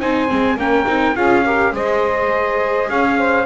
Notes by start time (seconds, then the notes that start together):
0.00 C4 D#4 C5 G#5
0.28 G#3 C4
0.56 A#3 C#4 A#4 G5
0.86 C4 D#4
1.16 C#4 F4 G#4 F5
1.44 G4 A#4
1.72 G#3 G#4 C5 D#5
2.90 C#4 C#5 F5
3.18 C5